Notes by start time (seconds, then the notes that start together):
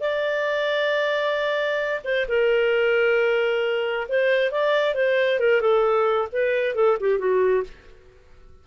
0.00 D5
2.04 C5
2.28 A#4
4.08 C5
4.51 D5
4.94 C5
5.39 A#4
5.61 A4
6.32 B4
6.75 A4
7.00 G4
7.18 F#4